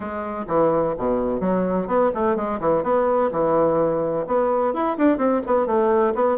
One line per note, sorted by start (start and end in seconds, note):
0.00 0.45 G#3
0.47 0.94 E3
0.98 1.40 B2
1.40 1.87 F#3
1.87 2.10 B3
2.14 2.36 A3
2.36 2.59 G#3
2.59 2.83 E3
2.83 3.30 B3
3.31 4.25 E3
4.26 4.73 B3
4.73 4.97 E4
4.97 5.17 D4
5.17 5.41 C4
5.46 5.66 B3
5.66 6.13 A3
6.14 6.37 B3